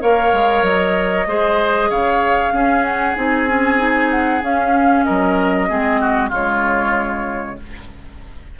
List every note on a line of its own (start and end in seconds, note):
0.00 0.33 A#3
0.00 1.26 A#4
0.00 1.27 C#5
0.00 0.64 F5
0.33 0.62 G#3
0.62 1.25 F#3
0.62 1.90 D#5
1.26 1.89 G#3
1.26 2.53 G#4
1.26 1.90 C5
1.90 2.52 C#3
1.90 2.53 C#5
1.90 2.84 F5
2.52 3.15 C#4
2.52 3.16 C#4
2.52 5.05 G#4
2.84 3.16 F#5
3.16 4.42 C4
3.16 3.47 D#4
3.16 4.10 G#5
3.47 3.77 C#4
3.77 4.41 D#4
4.10 4.42 F#5
4.42 5.68 C#4
4.42 5.05 C#4
4.42 5.04 F5
5.04 5.70 F#3
5.04 5.68 A#4
5.04 6.30 D#5
5.68 6.31 G#3
5.68 6.31 C4
5.68 6.00 G#4
6.00 6.29 F#4
6.29 7.57 C#3
6.29 7.58 G#3
6.29 7.55 F4
6.29 7.59 C#5